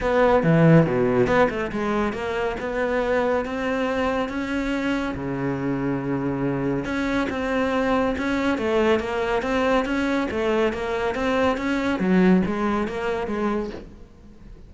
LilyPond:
\new Staff \with { instrumentName = "cello" } { \time 4/4 \tempo 4 = 140 b4 e4 b,4 b8 a8 | gis4 ais4 b2 | c'2 cis'2 | cis1 |
cis'4 c'2 cis'4 | a4 ais4 c'4 cis'4 | a4 ais4 c'4 cis'4 | fis4 gis4 ais4 gis4 | }